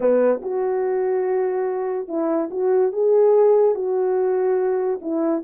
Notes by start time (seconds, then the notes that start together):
0.00 B3
0.42 F#4
2.08 E4
2.50 F#4
2.92 G#4
3.74 F#4
5.01 E4